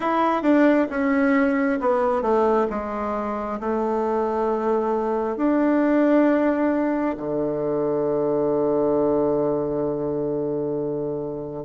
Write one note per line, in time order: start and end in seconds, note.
0.00 0.42 E4
0.42 0.87 D4
0.90 1.79 C#4
1.80 2.21 B3
2.21 2.66 A3
2.70 3.59 G#3
3.59 5.36 A3
5.36 7.16 D4
7.17 11.65 D3